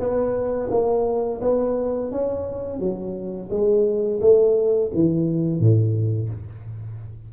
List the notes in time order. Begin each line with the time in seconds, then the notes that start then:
0.00 B3
0.71 A#3
1.42 B3
2.12 C#4
2.79 F#3
3.50 G#3
4.21 A3
4.94 E3
5.60 A2